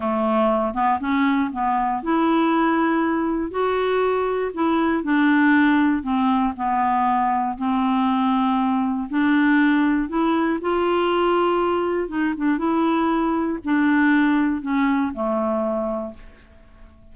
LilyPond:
\new Staff \with { instrumentName = "clarinet" } { \time 4/4 \tempo 4 = 119 a4. b8 cis'4 b4 | e'2. fis'4~ | fis'4 e'4 d'2 | c'4 b2 c'4~ |
c'2 d'2 | e'4 f'2. | dis'8 d'8 e'2 d'4~ | d'4 cis'4 a2 | }